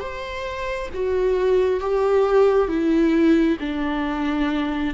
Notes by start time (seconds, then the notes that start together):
0.00 C5
0.94 F#4
1.80 G4
2.68 E4
3.60 D4